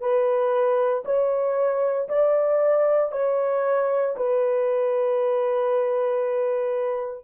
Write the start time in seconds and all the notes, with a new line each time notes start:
0.00 B4
1.05 C#5
2.08 D5
3.12 C#5
4.17 B4